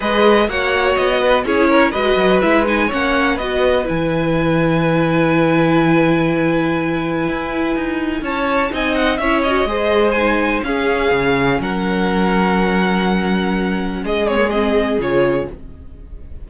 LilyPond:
<<
  \new Staff \with { instrumentName = "violin" } { \time 4/4 \tempo 4 = 124 dis''4 fis''4 dis''4 cis''4 | dis''4 e''8 gis''8 fis''4 dis''4 | gis''1~ | gis''1~ |
gis''4 a''4 gis''8 fis''8 e''8 dis''8~ | dis''4 gis''4 f''2 | fis''1~ | fis''4 dis''8 cis''8 dis''4 cis''4 | }
  \new Staff \with { instrumentName = "violin" } { \time 4/4 b'4 cis''4. b'8 gis'8 ais'8 | b'2 cis''4 b'4~ | b'1~ | b'1~ |
b'4 cis''4 dis''4 cis''4 | c''2 gis'2 | ais'1~ | ais'4 gis'2. | }
  \new Staff \with { instrumentName = "viola" } { \time 4/4 gis'4 fis'2 e'4 | fis'4 e'8 dis'8 cis'4 fis'4 | e'1~ | e'1~ |
e'2 dis'4 e'8 fis'8 | gis'4 dis'4 cis'2~ | cis'1~ | cis'4. c'16 ais16 c'4 f'4 | }
  \new Staff \with { instrumentName = "cello" } { \time 4/4 gis4 ais4 b4 cis'4 | gis8 fis8 gis4 ais4 b4 | e1~ | e2. e'4 |
dis'4 cis'4 c'4 cis'4 | gis2 cis'4 cis4 | fis1~ | fis4 gis2 cis4 | }
>>